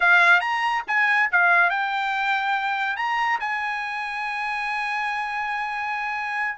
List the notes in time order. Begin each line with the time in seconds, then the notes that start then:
0.00 F5
0.40 A#5
0.87 G#5
1.31 F5
1.69 G5
2.96 A#5
3.40 G#5